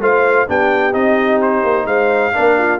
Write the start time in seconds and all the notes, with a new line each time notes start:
0.00 A3 F4 C5 F5
0.48 B3 D4 G4 G5
0.92 C4 D#4 D#5
1.42 C5
1.64 A#3
1.86 G#3 C5 F5
2.33 A#3 D4 A#4
2.58 F4